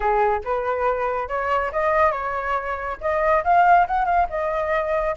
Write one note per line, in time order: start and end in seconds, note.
0.00 0.40 G#4
0.44 1.28 B4
1.28 1.71 C#5
1.72 2.11 D#5
2.11 2.97 C#5
3.00 3.43 D#5
3.43 3.86 F5
3.87 4.05 F#5
4.05 4.26 F5
4.29 5.15 D#5